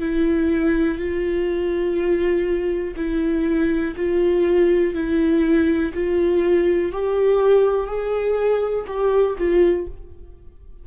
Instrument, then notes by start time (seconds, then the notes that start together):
viola
0.00 E4
0.98 F4
2.97 E4
3.97 F4
4.95 E4
5.94 F4
6.93 G4
7.87 G#4
8.87 G4
9.38 F4